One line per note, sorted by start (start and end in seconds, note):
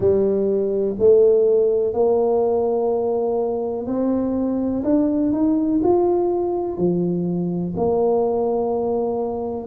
0.00 0.96 G3
0.99 1.93 A3
1.93 3.86 A#3
3.86 4.83 C4
4.84 5.32 D4
5.32 5.81 D#4
5.83 6.77 F4
6.77 7.74 F3
7.76 9.67 A#3